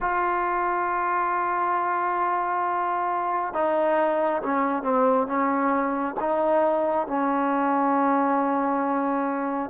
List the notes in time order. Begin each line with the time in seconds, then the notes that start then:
0.00 F4
3.53 D#4
4.42 C#4
4.82 C4
5.27 C#4
6.20 D#4
7.07 C#4